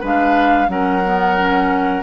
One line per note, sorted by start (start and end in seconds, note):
0.00 0.68 G#3
0.00 0.68 D4
0.00 0.67 B4
0.00 0.69 F5
0.68 2.03 F#3
0.68 1.02 C#4
0.68 2.03 A#4
0.68 2.03 F#5
1.05 1.37 B3
1.37 2.03 C#4